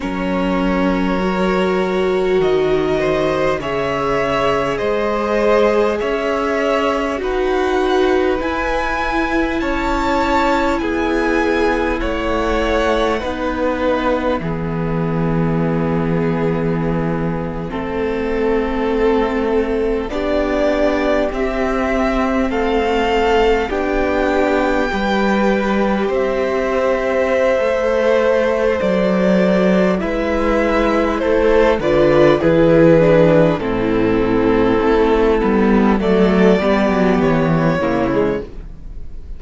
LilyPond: <<
  \new Staff \with { instrumentName = "violin" } { \time 4/4 \tempo 4 = 50 cis''2 dis''4 e''4 | dis''4 e''4 fis''4 gis''4 | a''4 gis''4 fis''4. e''8~ | e''1~ |
e''8. d''4 e''4 f''4 g''16~ | g''4.~ g''16 e''2~ e''16 | d''4 e''4 c''8 d''8 b'4 | a'2 d''4 cis''4 | }
  \new Staff \with { instrumentName = "violin" } { \time 4/4 ais'2~ ais'8 c''8 cis''4 | c''4 cis''4 b'2 | cis''4 gis'4 cis''4 b'4 | gis'2~ gis'8. a'4~ a'16~ |
a'8. g'2 a'4 g'16~ | g'8. b'4 c''2~ c''16~ | c''4 b'4 a'8 b'8 gis'4 | e'2 a'8 g'4 e'8 | }
  \new Staff \with { instrumentName = "viola" } { \time 4/4 cis'4 fis'2 gis'4~ | gis'2 fis'4 e'4~ | e'2. dis'4 | b2~ b8. c'4~ c'16~ |
c'8. d'4 c'2 d'16~ | d'8. g'2~ g'16 a'4~ | a'4 e'4. f'8 e'8 d'8 | c'4. b8 a8 b4 ais16 gis16 | }
  \new Staff \with { instrumentName = "cello" } { \time 4/4 fis2 dis4 cis4 | gis4 cis'4 dis'4 e'4 | cis'4 b4 a4 b4 | e2~ e8. a4~ a16~ |
a8. b4 c'4 a4 b16~ | b8. g4 c'4~ c'16 a4 | fis4 gis4 a8 d8 e4 | a,4 a8 g8 fis8 g16 fis16 e8 cis8 | }
>>